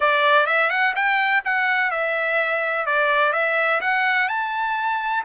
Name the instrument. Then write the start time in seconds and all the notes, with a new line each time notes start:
trumpet
0.00 D5
0.46 E5
0.70 F#5
0.95 G5
1.45 F#5
1.90 E5
2.85 D5
3.32 E5
3.80 F#5
4.28 A5